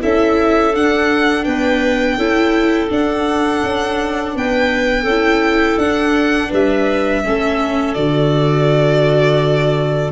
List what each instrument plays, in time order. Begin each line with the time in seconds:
0.00 tuba C#4, viola E4, clarinet A4, violin E5
0.74 viola D4, tuba D4, violin F#5
1.44 tuba B3, clarinet B4, violin G5
2.16 tuba C#4, viola E4, clarinet A4
2.89 viola D4, tuba D4, violin F#5
3.63 tuba C#4
4.34 tuba B3, clarinet B4, violin G5
5.03 tuba C#4, clarinet A4
5.09 viola E4
5.77 tuba D4, viola D4, violin F#5
6.48 tuba G3, clarinet B4, violin E5
7.24 tuba A3, viola C#4, clarinet A4
7.94 tuba D3, viola F#4, violin D5